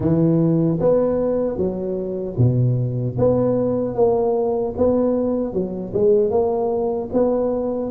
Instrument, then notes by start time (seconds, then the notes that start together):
tuba
0.00 E3
0.80 B3
1.57 F#3
2.37 B2
3.18 B3
3.95 A#3
4.77 B3
5.53 F#3
5.93 G#3
6.30 A#3
7.13 B3